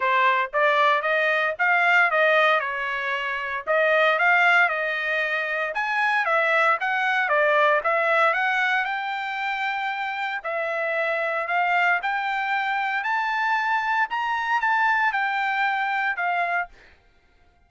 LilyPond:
\new Staff \with { instrumentName = "trumpet" } { \time 4/4 \tempo 4 = 115 c''4 d''4 dis''4 f''4 | dis''4 cis''2 dis''4 | f''4 dis''2 gis''4 | e''4 fis''4 d''4 e''4 |
fis''4 g''2. | e''2 f''4 g''4~ | g''4 a''2 ais''4 | a''4 g''2 f''4 | }